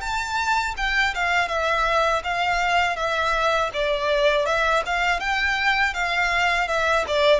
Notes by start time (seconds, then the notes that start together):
0.00 A5
0.77 G5
1.14 F5
1.48 E5
2.23 F5
2.96 E5
3.73 D5
4.45 E5
4.85 F5
5.19 G5
5.93 F5
6.68 E5
7.07 D5